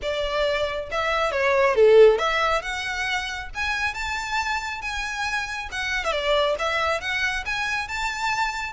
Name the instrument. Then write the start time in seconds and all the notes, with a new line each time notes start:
violin
0.02 D5
0.91 E5
1.31 C#5
1.75 A4
2.18 E5
2.62 F#5
3.54 G#5
3.94 A5
4.81 G#5
5.71 F#5
6.04 E5
6.12 D5
6.58 E5
7.00 F#5
7.45 G#5
7.88 A5